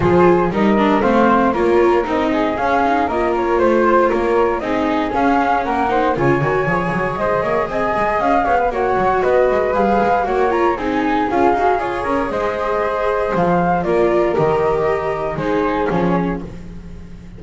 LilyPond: <<
  \new Staff \with { instrumentName = "flute" } { \time 4/4 \tempo 4 = 117 c''4 dis''4 f''4 cis''4 | dis''4 f''4 dis''8 cis''8 c''4 | cis''4 dis''4 f''4 fis''4 | gis''2 dis''4 gis''4 |
f''4 fis''4 dis''4 f''4 | fis''8 ais''8 gis''4 f''4 cis''4 | dis''2 f''4 d''4 | dis''2 c''4 cis''4 | }
  \new Staff \with { instrumentName = "flute" } { \time 4/4 gis'4 ais'4 c''4 ais'4~ | ais'8 gis'4. ais'4 c''4 | ais'4 gis'2 ais'8 c''8 | cis''2 c''8 cis''8 dis''4~ |
dis''8 cis''16 b'16 cis''4 b'2 | cis''4 gis'2~ gis'8 ais'8 | c''2. ais'4~ | ais'2 gis'2 | }
  \new Staff \with { instrumentName = "viola" } { \time 4/4 f'4 dis'8 d'8 c'4 f'4 | dis'4 cis'8 dis'8 f'2~ | f'4 dis'4 cis'4. dis'8 | f'8 fis'8 gis'2.~ |
gis'4 fis'2 gis'4 | fis'8 f'8 dis'4 f'8 fis'8 gis'4~ | gis'2. f'4 | g'2 dis'4 cis'4 | }
  \new Staff \with { instrumentName = "double bass" } { \time 4/4 f4 g4 a4 ais4 | c'4 cis'4 ais4 a4 | ais4 c'4 cis'4 ais4 | cis8 dis8 f8 fis8 gis8 ais8 c'8 gis8 |
cis'8 b8 ais8 fis8 b8 gis8 g8 gis8 | ais4 c'4 cis'8 dis'8 f'8 cis'8 | gis2 f4 ais4 | dis2 gis4 f4 | }
>>